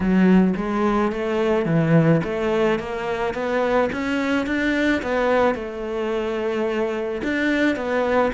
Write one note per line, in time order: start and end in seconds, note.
0.00 0.54 F#3
0.56 1.11 G#3
1.12 1.65 A3
1.65 2.21 E3
2.24 2.79 A3
2.79 3.34 A#3
3.34 3.89 B3
3.92 4.46 C#4
4.46 5.02 D4
5.02 5.55 B3
5.55 7.21 A3
7.23 7.76 D4
7.76 8.31 B3